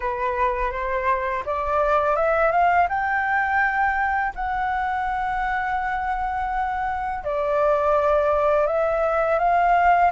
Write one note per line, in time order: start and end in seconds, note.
0.00 0.71 B4
0.71 1.43 C5
1.45 2.16 D5
2.16 2.51 E5
2.51 2.87 F5
2.88 4.33 G5
4.35 7.24 F#5
7.24 8.66 D5
8.66 9.38 E5
9.38 10.11 F5